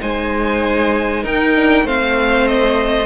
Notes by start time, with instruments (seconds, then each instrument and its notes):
0.00 cello G#3, viola D#4, violin C5 G#5
1.24 cello D#4, violin A#4 G5
1.55 viola D4
1.84 cello A3, viola C4, violin C5 F5
2.48 violin D#5